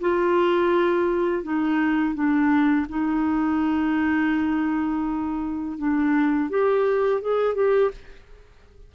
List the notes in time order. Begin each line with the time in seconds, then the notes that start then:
0.00 F4
1.43 D#4
2.14 D4
2.88 D#4
5.77 D4
6.49 G4
7.21 G#4
7.54 G4